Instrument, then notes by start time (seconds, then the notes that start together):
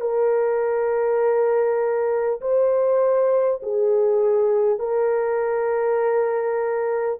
horn
0.00 A#4
2.41 C5
3.62 G#4
4.79 A#4